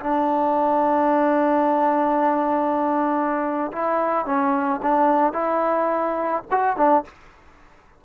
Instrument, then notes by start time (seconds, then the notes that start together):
trombone
0.00 D4
3.72 E4
4.25 C#4
4.82 D4
5.33 E4
6.51 F#4
6.77 D4